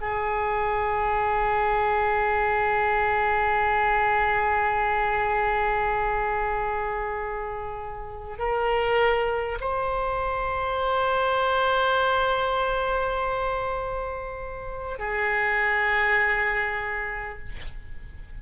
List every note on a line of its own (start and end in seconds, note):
0.00 8.38 G#4
8.38 9.58 A#4
9.60 14.98 C5
14.98 17.38 G#4